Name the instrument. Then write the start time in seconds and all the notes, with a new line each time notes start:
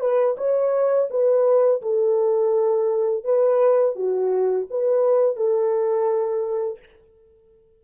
horn
0.00 B4
0.37 C#5
1.10 B4
1.81 A4
3.24 B4
3.95 F#4
4.70 B4
5.36 A4